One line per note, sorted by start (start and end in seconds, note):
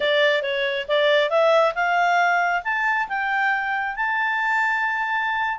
0.00 0.42 D5
0.42 0.86 C#5
0.88 1.30 D5
1.30 1.74 E5
1.74 2.62 F5
2.64 3.08 A5
3.08 3.96 G5
3.96 5.59 A5